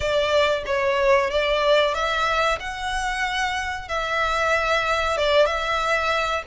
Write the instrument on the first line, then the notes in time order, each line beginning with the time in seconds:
violin
0.00 D5
0.66 C#5
1.30 D5
1.94 E5
2.59 F#5
3.88 E5
5.17 D5
5.46 E5